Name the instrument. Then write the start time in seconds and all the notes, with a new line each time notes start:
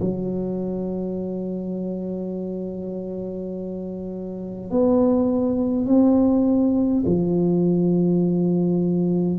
tuba
0.00 F#3
4.71 B3
5.86 C4
7.06 F3